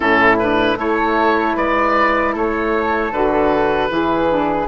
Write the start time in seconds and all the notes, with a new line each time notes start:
0.00 A2 C#4 E4 A4
0.39 D4 B4
0.76 A3 E4 A4 C#5
1.56 G#3 B4 D5
2.32 A3 A4 C#5
3.11 D3 F#4 B4
3.88 E3 E4 G#4
4.28 D4